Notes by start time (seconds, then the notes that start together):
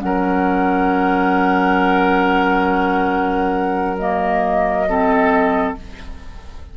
0.00 F#3 C#4 A#4 F#5
3.99 A#3 D#5
4.89 C4 A4